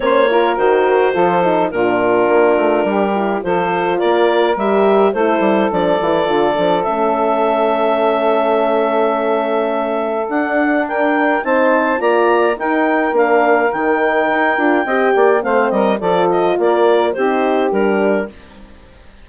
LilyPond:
<<
  \new Staff \with { instrumentName = "clarinet" } { \time 4/4 \tempo 4 = 105 cis''4 c''2 ais'4~ | ais'2 c''4 d''4 | e''4 c''4 d''2 | e''1~ |
e''2 fis''4 g''4 | a''4 ais''4 g''4 f''4 | g''2. f''8 dis''8 | d''8 dis''8 d''4 c''4 ais'4 | }
  \new Staff \with { instrumentName = "saxophone" } { \time 4/4 c''8 ais'4. a'4 f'4~ | f'4 g'4 a'4 ais'4~ | ais'4 a'2.~ | a'1~ |
a'2. ais'4 | c''4 d''4 ais'2~ | ais'2 dis''8 d''8 c''8 ais'8 | a'4 ais'4 g'2 | }
  \new Staff \with { instrumentName = "horn" } { \time 4/4 cis'8 f'8 fis'4 f'8 dis'8 d'4~ | d'4. e'8 f'2 | g'4 e'4 d'8 e'8 f'8 d'8 | cis'1~ |
cis'2 d'2 | dis'4 f'4 dis'4 d'4 | dis'4. f'8 g'4 c'4 | f'2 dis'4 d'4 | }
  \new Staff \with { instrumentName = "bassoon" } { \time 4/4 ais4 dis4 f4 ais,4 | ais8 a8 g4 f4 ais4 | g4 a8 g8 f8 e8 d8 f8 | a1~ |
a2 d'2 | c'4 ais4 dis'4 ais4 | dis4 dis'8 d'8 c'8 ais8 a8 g8 | f4 ais4 c'4 g4 | }
>>